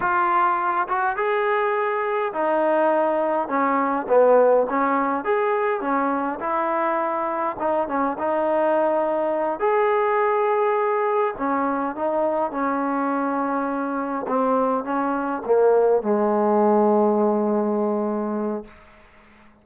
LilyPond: \new Staff \with { instrumentName = "trombone" } { \time 4/4 \tempo 4 = 103 f'4. fis'8 gis'2 | dis'2 cis'4 b4 | cis'4 gis'4 cis'4 e'4~ | e'4 dis'8 cis'8 dis'2~ |
dis'8 gis'2. cis'8~ | cis'8 dis'4 cis'2~ cis'8~ | cis'8 c'4 cis'4 ais4 gis8~ | gis1 | }